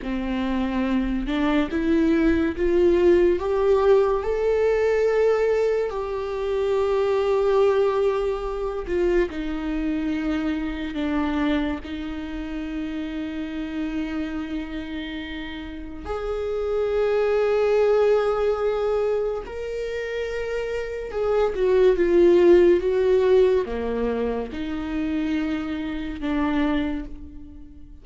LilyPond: \new Staff \with { instrumentName = "viola" } { \time 4/4 \tempo 4 = 71 c'4. d'8 e'4 f'4 | g'4 a'2 g'4~ | g'2~ g'8 f'8 dis'4~ | dis'4 d'4 dis'2~ |
dis'2. gis'4~ | gis'2. ais'4~ | ais'4 gis'8 fis'8 f'4 fis'4 | ais4 dis'2 d'4 | }